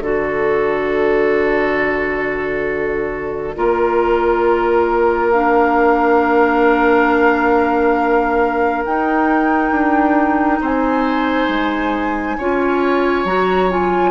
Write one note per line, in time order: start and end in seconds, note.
0.00 3.53 D3
0.00 3.56 F#4
0.00 3.56 A4
0.00 5.31 D5
3.56 8.86 A#3
3.56 5.33 F4
3.56 10.61 A#4
5.31 8.86 D4
5.31 8.84 F5
8.85 9.72 D#4
8.85 12.39 D#4
8.85 10.61 G5
9.72 10.60 D4
10.61 11.49 C4
10.61 12.37 C5
10.61 13.26 G#5
11.49 12.37 G#3
12.38 13.25 C#4
12.38 13.27 F4
12.38 14.11 C#5
13.25 14.11 F#3
13.25 13.71 F#4
13.25 13.70 A#5
13.71 14.11 F4
13.71 14.11 G#5